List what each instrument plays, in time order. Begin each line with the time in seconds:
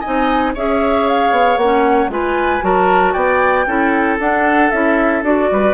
0.00 clarinet D#4, oboe D#5, flute G#5
0.06 bassoon C4
0.54 bassoon C#4, clarinet G#4, oboe C#5, flute E5
1.08 flute F5
1.31 bassoon B3
1.57 bassoon A#3, clarinet C#4, flute F#5
2.08 bassoon G#3, clarinet F4, oboe B4, flute G#5
2.61 bassoon F#3, clarinet F#4, oboe A#4, flute A5
3.13 bassoon B3, oboe D5, flute G5
3.66 bassoon C#4, clarinet E4, oboe A4
4.19 bassoon D4, clarinet D4, flute F#5
4.71 bassoon C#4, clarinet E4, flute E5
5.22 bassoon D4, clarinet F#4, flute D5
5.52 bassoon G3, oboe B4